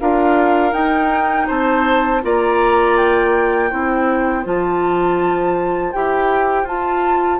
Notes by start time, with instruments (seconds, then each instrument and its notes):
0.00 bassoon D4, clarinet F4, oboe A#4, flute F5
0.72 clarinet D#4, bassoon D#4, flute G5
1.47 bassoon C4, oboe C5, flute A5
2.22 bassoon A#3, clarinet F4, oboe D5, flute A#5
2.97 flute G5
3.70 bassoon C4, clarinet E4, oboe C5
4.44 bassoon F3, clarinet F4, flute A5
5.93 bassoon E4, clarinet G4, flute G5
6.63 bassoon F4, clarinet F4, flute A5